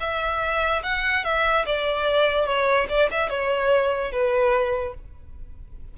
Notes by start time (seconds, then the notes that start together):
0.00 E5
0.83 F#5
1.24 E5
1.66 D5
2.46 C#5
2.89 D5
3.11 E5
3.30 C#5
4.12 B4